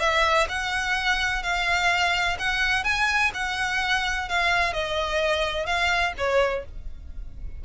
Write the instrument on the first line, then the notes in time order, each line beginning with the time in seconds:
violin
0.00 E5
0.49 F#5
1.43 F5
2.39 F#5
2.84 G#5
3.34 F#5
4.29 F5
4.73 D#5
5.66 F5
6.17 C#5